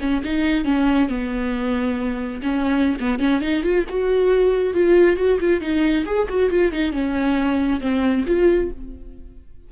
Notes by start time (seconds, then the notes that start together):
0.00 C#4
0.23 D#4
0.64 C#4
1.08 B3
2.42 C#4
3.00 B3
3.18 C#4
3.41 D#4
3.63 F4
3.88 F#4
4.73 F4
5.16 F#4
5.40 F4
5.60 D#4
6.05 G#4
6.28 F#4
6.50 F4
6.71 D#4
6.92 C#4
7.80 C4
8.26 F4